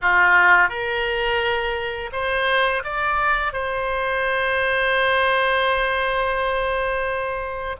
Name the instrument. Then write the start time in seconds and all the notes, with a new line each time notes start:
oboe
0.01 F4
0.69 A#4
2.12 C5
2.84 D5
3.53 C5